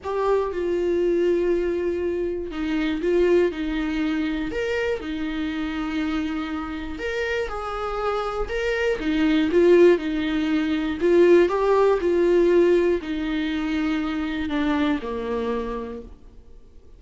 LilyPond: \new Staff \with { instrumentName = "viola" } { \time 4/4 \tempo 4 = 120 g'4 f'2.~ | f'4 dis'4 f'4 dis'4~ | dis'4 ais'4 dis'2~ | dis'2 ais'4 gis'4~ |
gis'4 ais'4 dis'4 f'4 | dis'2 f'4 g'4 | f'2 dis'2~ | dis'4 d'4 ais2 | }